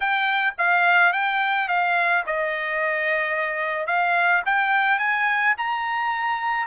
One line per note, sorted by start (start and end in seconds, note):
0.00 0.54 G5
0.57 1.12 F5
1.12 1.68 G5
1.68 2.24 F5
2.26 3.86 D#5
3.86 4.42 F5
4.45 4.98 G5
4.98 5.54 G#5
5.57 6.67 A#5